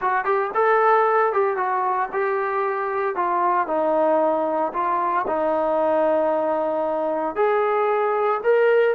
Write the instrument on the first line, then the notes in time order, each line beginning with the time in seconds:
trombone
0.01 F#4
0.24 G4
0.54 A4
1.33 G4
1.56 F#4
2.12 G4
3.15 F4
3.67 D#4
4.73 F4
5.27 D#4
7.35 G#4
8.43 A#4